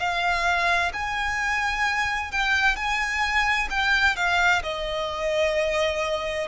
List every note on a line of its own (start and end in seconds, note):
0.00 0.92 F5
0.93 2.32 G#5
2.32 2.76 G5
2.76 3.68 G#5
3.70 4.16 G5
4.16 4.62 F5
4.63 6.47 D#5